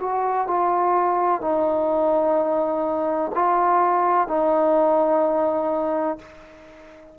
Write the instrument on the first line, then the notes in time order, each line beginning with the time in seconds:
trombone
0.00 F#4
0.47 F4
1.41 D#4
3.35 F4
4.28 D#4